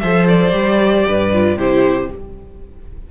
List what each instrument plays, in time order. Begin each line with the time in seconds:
0.00 cello F3, viola A4, violin C5 E5
0.27 violin D5
0.51 cello G3, viola G4
1.07 cello G2, violin B4
1.33 viola F4
1.56 cello C3, viola E4, violin G4 C5